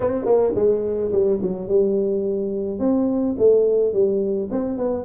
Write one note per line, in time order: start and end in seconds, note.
0.00 0.25 C4
0.25 0.53 A#3
0.55 1.11 G#3
1.12 1.40 G3
1.41 1.68 F#3
1.68 2.79 G3
2.79 3.35 C4
3.38 3.93 A3
3.93 4.49 G3
4.51 4.77 C4
4.77 5.04 B3